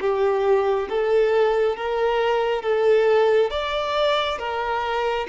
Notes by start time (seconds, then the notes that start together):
0.00 G4
0.89 A4
1.76 A#4
2.62 A4
3.50 D5
4.38 A#4